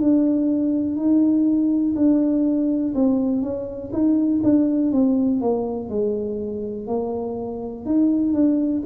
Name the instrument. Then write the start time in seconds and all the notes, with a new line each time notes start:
tuba
0.00 D4
0.97 D#4
1.96 D4
2.95 C4
3.42 C#4
3.93 D#4
4.44 D4
4.92 C4
5.41 A#3
5.90 G#3
6.87 A#3
7.86 D#4
8.34 D4